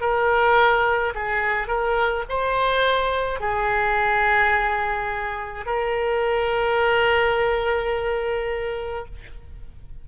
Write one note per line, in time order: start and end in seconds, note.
0.00 1.13 A#4
1.14 1.67 G#4
1.67 2.24 A#4
2.28 3.40 C5
3.40 5.66 G#4
5.66 9.05 A#4